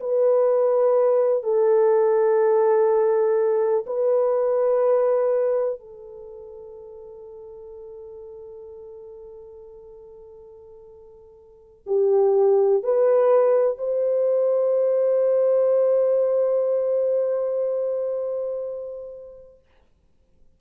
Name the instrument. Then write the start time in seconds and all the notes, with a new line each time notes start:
horn
0.00 B4
1.43 A4
3.87 B4
5.80 A4
11.86 G4
12.83 B4
13.78 C5